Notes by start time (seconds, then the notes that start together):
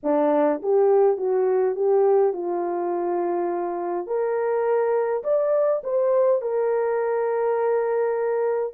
0.03 D4
0.62 G4
1.17 F#4
1.75 G4
2.33 F4
4.06 A#4
5.23 D5
5.83 C5
6.41 A#4